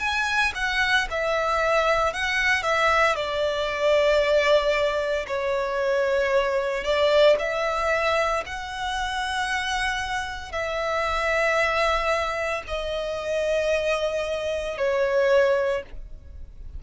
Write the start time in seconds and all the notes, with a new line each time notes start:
0.00 G#5
0.56 F#5
1.11 E5
2.13 F#5
2.63 E5
3.16 D5
5.28 C#5
6.84 D5
7.39 E5
8.46 F#5
10.53 E5
12.67 D#5
14.78 C#5